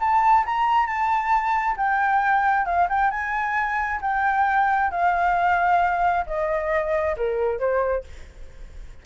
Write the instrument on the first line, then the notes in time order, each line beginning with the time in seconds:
flute
0.00 A5
0.46 A#5
0.86 A5
1.77 G5
2.65 F5
2.89 G5
3.11 G#5
4.01 G5
4.91 F5
6.26 D#5
7.17 A#4
7.59 C5